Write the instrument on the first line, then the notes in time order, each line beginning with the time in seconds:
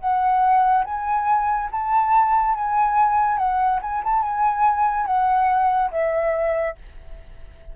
flute
0.00 F#5
0.85 G#5
1.72 A5
2.55 G#5
3.38 F#5
3.82 G#5
4.04 A5
4.23 G#5
5.07 F#5
5.92 E5